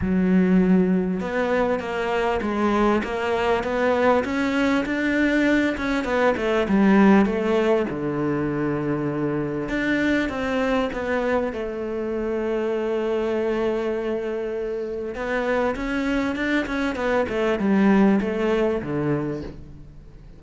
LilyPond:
\new Staff \with { instrumentName = "cello" } { \time 4/4 \tempo 4 = 99 fis2 b4 ais4 | gis4 ais4 b4 cis'4 | d'4. cis'8 b8 a8 g4 | a4 d2. |
d'4 c'4 b4 a4~ | a1~ | a4 b4 cis'4 d'8 cis'8 | b8 a8 g4 a4 d4 | }